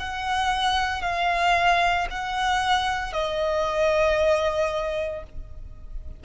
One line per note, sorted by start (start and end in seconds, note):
0.00 1.02 F#5
1.02 2.08 F5
2.11 3.13 F#5
3.13 5.24 D#5